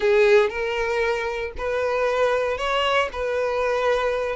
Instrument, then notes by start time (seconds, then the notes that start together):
violin
0.00 G#4
0.49 A#4
1.57 B4
2.57 C#5
3.12 B4